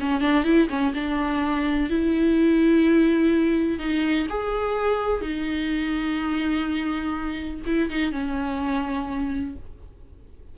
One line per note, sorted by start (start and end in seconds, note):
0.00 0.21 C#4
0.21 0.44 D4
0.44 0.68 E4
0.69 0.93 C#4
0.94 1.90 D4
1.90 3.79 E4
3.79 4.27 D#4
4.29 5.21 G#4
5.21 7.61 D#4
7.66 7.90 E4
7.90 8.12 D#4
8.12 9.56 C#4